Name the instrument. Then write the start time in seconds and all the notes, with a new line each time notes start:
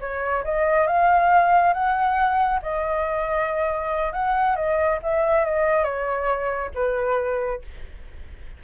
flute
0.00 C#5
0.44 D#5
0.87 F5
1.73 F#5
2.62 D#5
4.12 F#5
4.56 D#5
5.03 E5
5.45 D#5
5.84 C#5
6.75 B4